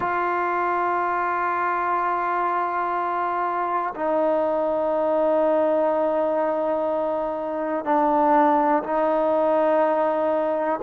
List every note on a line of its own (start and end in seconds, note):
0.00 3.93 F4
3.95 7.84 D#4
7.84 8.83 D4
8.83 10.80 D#4